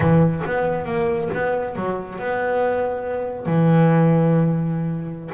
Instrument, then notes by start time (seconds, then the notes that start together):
double bass
0.00 E3
0.46 B3
0.85 A#3
1.33 B3
1.75 F#3
2.18 B3
3.46 E3